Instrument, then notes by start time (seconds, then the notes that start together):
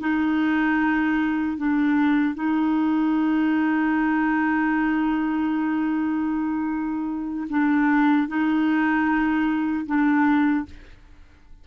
clarinet
0.00 D#4
1.58 D4
2.35 D#4
7.50 D4
8.28 D#4
9.86 D4